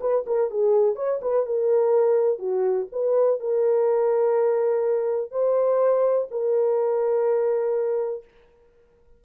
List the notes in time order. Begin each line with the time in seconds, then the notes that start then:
0.00 B4
0.26 A#4
0.50 G#4
0.95 C#5
1.21 B4
1.46 A#4
2.38 F#4
2.92 B4
3.40 A#4
5.31 C5
6.30 A#4